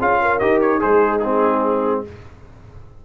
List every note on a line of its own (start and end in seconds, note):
0.00 0.42 C#4
0.00 0.41 F4
0.00 0.20 G#4
0.00 0.39 F5
0.22 0.82 A#4
0.39 0.82 D#4
0.39 0.80 G4
0.39 0.60 D#5
0.61 0.82 C#5
0.80 2.05 G#3
0.80 2.03 D#4
0.80 1.20 G#4
0.80 1.20 C5
1.20 2.05 C4
1.20 2.01 G#4